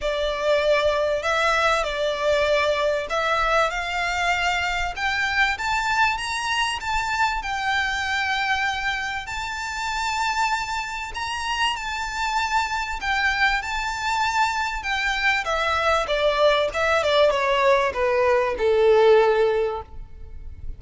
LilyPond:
\new Staff \with { instrumentName = "violin" } { \time 4/4 \tempo 4 = 97 d''2 e''4 d''4~ | d''4 e''4 f''2 | g''4 a''4 ais''4 a''4 | g''2. a''4~ |
a''2 ais''4 a''4~ | a''4 g''4 a''2 | g''4 e''4 d''4 e''8 d''8 | cis''4 b'4 a'2 | }